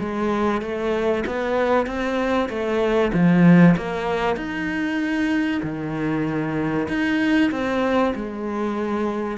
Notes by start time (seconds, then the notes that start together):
0.00 G#3
0.62 A3
1.26 B3
1.86 C4
2.49 A3
3.13 F3
3.77 A#3
4.36 D#4
5.63 D#3
6.88 D#4
7.51 C4
8.15 G#3